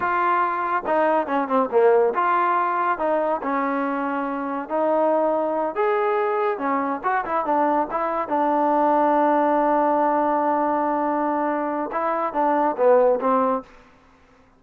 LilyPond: \new Staff \with { instrumentName = "trombone" } { \time 4/4 \tempo 4 = 141 f'2 dis'4 cis'8 c'8 | ais4 f'2 dis'4 | cis'2. dis'4~ | dis'4. gis'2 cis'8~ |
cis'8 fis'8 e'8 d'4 e'4 d'8~ | d'1~ | d'1 | e'4 d'4 b4 c'4 | }